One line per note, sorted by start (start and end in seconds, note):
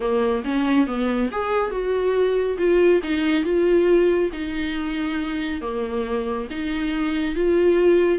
0.00 0.43 A#3
0.44 0.86 C#4
0.86 1.29 B3
1.31 1.71 G#4
1.71 2.57 F#4
2.58 3.01 F4
3.03 3.43 D#4
3.43 4.30 F4
4.32 5.61 D#4
5.61 6.47 A#3
6.50 7.35 D#4
7.35 8.18 F4